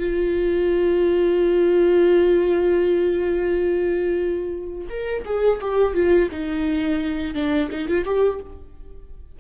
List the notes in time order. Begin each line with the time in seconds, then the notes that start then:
0.00 F4
4.90 A#4
5.26 G#4
5.61 G4
5.95 F4
6.32 D#4
7.35 D4
7.72 D#4
7.89 F4
8.05 G4